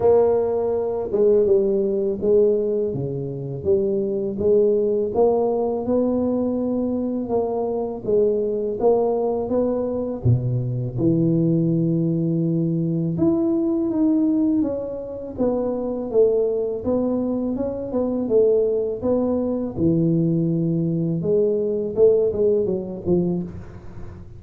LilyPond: \new Staff \with { instrumentName = "tuba" } { \time 4/4 \tempo 4 = 82 ais4. gis8 g4 gis4 | cis4 g4 gis4 ais4 | b2 ais4 gis4 | ais4 b4 b,4 e4~ |
e2 e'4 dis'4 | cis'4 b4 a4 b4 | cis'8 b8 a4 b4 e4~ | e4 gis4 a8 gis8 fis8 f8 | }